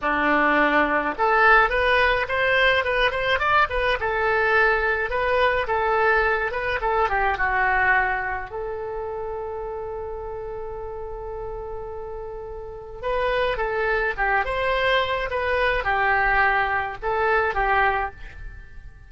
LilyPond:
\new Staff \with { instrumentName = "oboe" } { \time 4/4 \tempo 4 = 106 d'2 a'4 b'4 | c''4 b'8 c''8 d''8 b'8 a'4~ | a'4 b'4 a'4. b'8 | a'8 g'8 fis'2 a'4~ |
a'1~ | a'2. b'4 | a'4 g'8 c''4. b'4 | g'2 a'4 g'4 | }